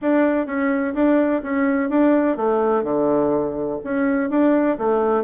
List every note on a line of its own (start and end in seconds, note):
0.01 0.46 D4
0.46 0.94 C#4
0.94 1.42 D4
1.42 1.89 C#4
1.89 2.36 D4
2.36 2.83 A3
2.83 3.78 D3
3.83 4.30 C#4
4.30 4.77 D4
4.77 5.24 A3